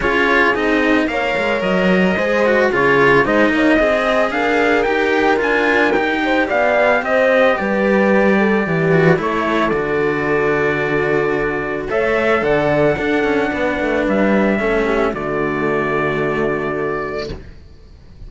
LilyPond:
<<
  \new Staff \with { instrumentName = "trumpet" } { \time 4/4 \tempo 4 = 111 cis''4 dis''4 f''4 dis''4~ | dis''4 cis''4 dis''2 | f''4 g''4 gis''4 g''4 | f''4 dis''4 d''2~ |
d''4 cis''4 d''2~ | d''2 e''4 fis''4~ | fis''2 e''2 | d''1 | }
  \new Staff \with { instrumentName = "horn" } { \time 4/4 gis'2 cis''2 | c''4 gis'4 c''8 cis''8 dis''4 | ais'2.~ ais'8 c''8 | d''4 c''4 b'4. a'8 |
g'4 a'2.~ | a'2 cis''4 d''4 | a'4 b'2 a'8 g'8 | fis'1 | }
  \new Staff \with { instrumentName = "cello" } { \time 4/4 f'4 dis'4 ais'2 | gis'8 fis'8 f'4 dis'4 gis'4~ | gis'4 g'4 f'4 g'4~ | g'1~ |
g'8 fis'8 e'4 fis'2~ | fis'2 a'2 | d'2. cis'4 | a1 | }
  \new Staff \with { instrumentName = "cello" } { \time 4/4 cis'4 c'4 ais8 gis8 fis4 | gis4 cis4 gis8 ais8 c'4 | d'4 dis'4 d'4 dis'4 | b4 c'4 g2 |
e4 a4 d2~ | d2 a4 d4 | d'8 cis'8 b8 a8 g4 a4 | d1 | }
>>